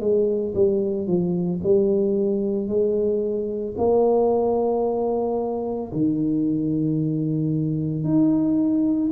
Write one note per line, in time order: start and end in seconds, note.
0.00 0.54 G#3
0.54 1.07 G3
1.07 1.61 F3
1.63 2.67 G3
2.67 3.75 G#3
3.78 5.92 A#3
5.92 8.04 D#3
8.04 9.11 D#4